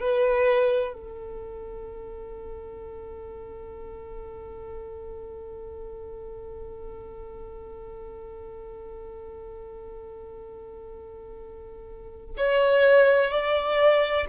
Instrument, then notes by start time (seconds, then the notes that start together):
violin
0.00 B4
0.94 A4
12.37 C#5
13.31 D5